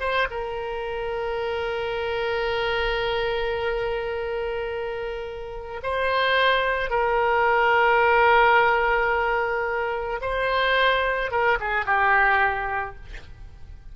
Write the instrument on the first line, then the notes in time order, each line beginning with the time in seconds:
oboe
0.00 C5
0.31 A#4
5.83 C5
6.90 A#4
10.22 C5
11.31 A#4
11.60 G#4
11.86 G4